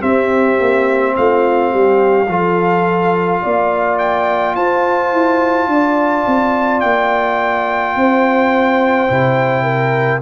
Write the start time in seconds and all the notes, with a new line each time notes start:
0.00 C4 G4 E5
0.60 A#3
1.17 A3 F4 F5
1.72 G3 G4
2.28 F3 F4 A4
3.42 A#3 D5
3.99 G5
4.56 F4 C5 A5
5.13 E4
5.67 D4 D5
6.27 C4
6.80 A#3 G5
7.96 C4 C5
9.08 C3 E4
9.64 A#4